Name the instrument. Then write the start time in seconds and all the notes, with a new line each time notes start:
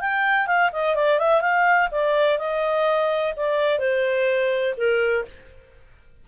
clarinet
0.00 G5
0.46 F5
0.72 D#5
0.95 D5
1.18 E5
1.41 F5
1.91 D5
2.38 D#5
3.36 D5
3.79 C5
4.77 A#4